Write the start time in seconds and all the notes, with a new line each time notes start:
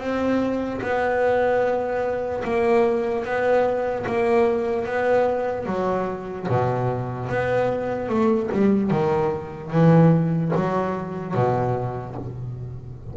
0.00 C4
0.81 B3
2.44 A#3
3.25 B3
4.07 A#3
4.86 B3
5.66 F#3
6.49 B2
7.29 B3
8.09 A3
8.52 G3
8.91 D#3
9.71 E3
10.55 F#3
11.35 B2